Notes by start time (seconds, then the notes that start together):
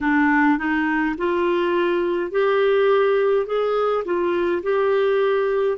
0.01 D4
0.58 D#4
1.17 F4
2.31 G4
3.46 G#4
4.04 F4
4.63 G4